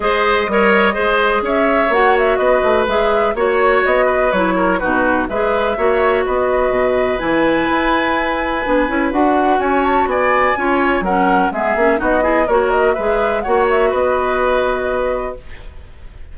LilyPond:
<<
  \new Staff \with { instrumentName = "flute" } { \time 4/4 \tempo 4 = 125 dis''2. e''4 | fis''8 e''8 dis''4 e''4 cis''4 | dis''4 cis''4 b'4 e''4~ | e''4 dis''2 gis''4~ |
gis''2. fis''4 | gis''8 a''8 gis''2 fis''4 | e''4 dis''4 cis''8 dis''8 e''4 | fis''8 e''8 dis''2. | }
  \new Staff \with { instrumentName = "oboe" } { \time 4/4 c''4 cis''4 c''4 cis''4~ | cis''4 b'2 cis''4~ | cis''8 b'4 ais'8 fis'4 b'4 | cis''4 b'2.~ |
b'1 | cis''4 d''4 cis''4 ais'4 | gis'4 fis'8 gis'8 ais'4 b'4 | cis''4 b'2. | }
  \new Staff \with { instrumentName = "clarinet" } { \time 4/4 gis'4 ais'4 gis'2 | fis'2 gis'4 fis'4~ | fis'4 e'4 dis'4 gis'4 | fis'2. e'4~ |
e'2 d'8 e'8 fis'4~ | fis'2 f'4 cis'4 | b8 cis'8 dis'8 e'8 fis'4 gis'4 | fis'1 | }
  \new Staff \with { instrumentName = "bassoon" } { \time 4/4 gis4 g4 gis4 cis'4 | ais4 b8 a8 gis4 ais4 | b4 fis4 b,4 gis4 | ais4 b4 b,4 e4 |
e'2 b8 cis'8 d'4 | cis'4 b4 cis'4 fis4 | gis8 ais8 b4 ais4 gis4 | ais4 b2. | }
>>